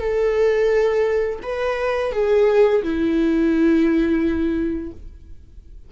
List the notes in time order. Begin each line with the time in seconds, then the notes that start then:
0.00 A4
1.43 B4
2.13 G#4
2.83 E4